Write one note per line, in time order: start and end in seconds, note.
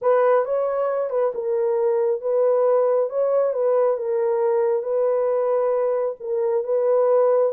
0.01 0.45 B4
0.45 1.10 C#5
1.10 1.32 B4
1.34 2.21 A#4
2.21 3.09 B4
3.09 3.53 C#5
3.53 3.97 B4
3.97 4.82 A#4
4.82 6.15 B4
6.20 6.64 A#4
6.64 7.52 B4